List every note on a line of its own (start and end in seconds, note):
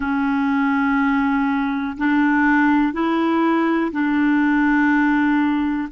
0.00 1.96 C#4
1.97 2.92 D4
2.92 3.91 E4
3.92 5.88 D4